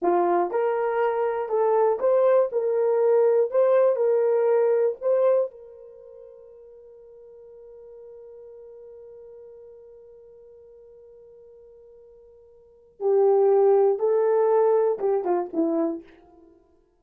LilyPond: \new Staff \with { instrumentName = "horn" } { \time 4/4 \tempo 4 = 120 f'4 ais'2 a'4 | c''4 ais'2 c''4 | ais'2 c''4 ais'4~ | ais'1~ |
ais'1~ | ais'1~ | ais'2 g'2 | a'2 g'8 f'8 e'4 | }